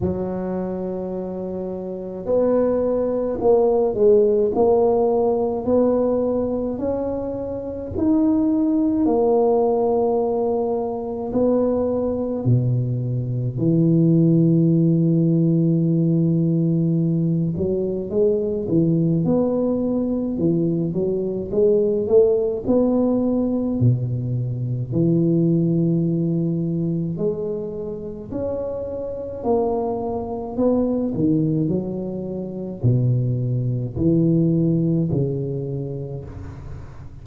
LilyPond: \new Staff \with { instrumentName = "tuba" } { \time 4/4 \tempo 4 = 53 fis2 b4 ais8 gis8 | ais4 b4 cis'4 dis'4 | ais2 b4 b,4 | e2.~ e8 fis8 |
gis8 e8 b4 e8 fis8 gis8 a8 | b4 b,4 e2 | gis4 cis'4 ais4 b8 dis8 | fis4 b,4 e4 cis4 | }